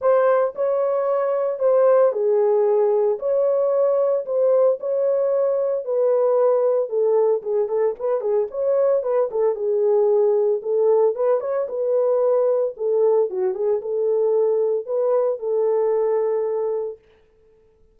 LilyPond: \new Staff \with { instrumentName = "horn" } { \time 4/4 \tempo 4 = 113 c''4 cis''2 c''4 | gis'2 cis''2 | c''4 cis''2 b'4~ | b'4 a'4 gis'8 a'8 b'8 gis'8 |
cis''4 b'8 a'8 gis'2 | a'4 b'8 cis''8 b'2 | a'4 fis'8 gis'8 a'2 | b'4 a'2. | }